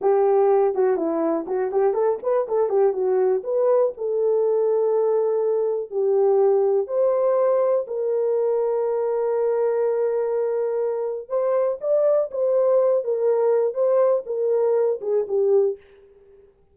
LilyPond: \new Staff \with { instrumentName = "horn" } { \time 4/4 \tempo 4 = 122 g'4. fis'8 e'4 fis'8 g'8 | a'8 b'8 a'8 g'8 fis'4 b'4 | a'1 | g'2 c''2 |
ais'1~ | ais'2. c''4 | d''4 c''4. ais'4. | c''4 ais'4. gis'8 g'4 | }